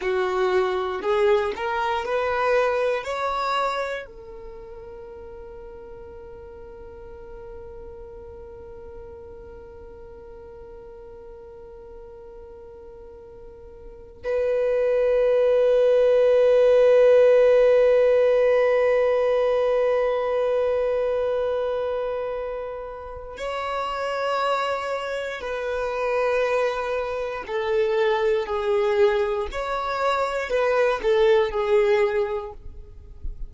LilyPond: \new Staff \with { instrumentName = "violin" } { \time 4/4 \tempo 4 = 59 fis'4 gis'8 ais'8 b'4 cis''4 | ais'1~ | ais'1~ | ais'2 b'2~ |
b'1~ | b'2. cis''4~ | cis''4 b'2 a'4 | gis'4 cis''4 b'8 a'8 gis'4 | }